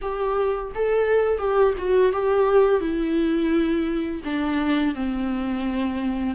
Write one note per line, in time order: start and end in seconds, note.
0.01 0.72 G4
0.74 1.38 A4
1.38 1.73 G4
1.78 2.12 F#4
2.12 2.80 G4
2.80 4.21 E4
4.24 4.94 D4
4.94 6.35 C4